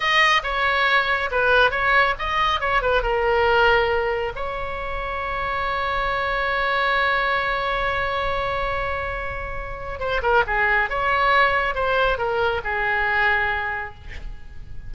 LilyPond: \new Staff \with { instrumentName = "oboe" } { \time 4/4 \tempo 4 = 138 dis''4 cis''2 b'4 | cis''4 dis''4 cis''8 b'8 ais'4~ | ais'2 cis''2~ | cis''1~ |
cis''1~ | cis''2. c''8 ais'8 | gis'4 cis''2 c''4 | ais'4 gis'2. | }